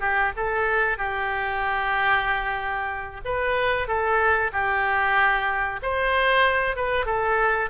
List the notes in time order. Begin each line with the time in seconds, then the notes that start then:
0.00 G4
0.36 A4
0.97 G4
3.25 B4
3.87 A4
4.52 G4
5.82 C5
6.76 B4
7.05 A4